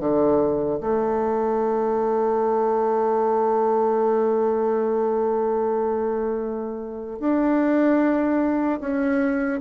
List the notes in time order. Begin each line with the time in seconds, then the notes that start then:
0.00 D3
0.81 A3
7.20 D4
8.81 C#4